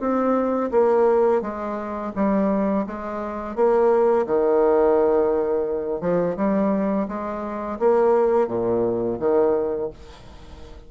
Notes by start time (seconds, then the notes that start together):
0.00 C4
0.72 A#3
1.42 G#3
2.16 G3
2.87 G#3
3.56 A#3
4.26 D#3
6.01 F3
6.37 G3
7.08 G#3
7.79 A#3
8.48 A#2
9.20 D#3